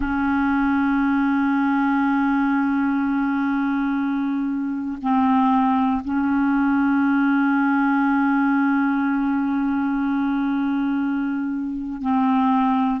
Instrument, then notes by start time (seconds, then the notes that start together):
clarinet
0.00 C#4
5.01 C4
6.04 C#4
12.01 C4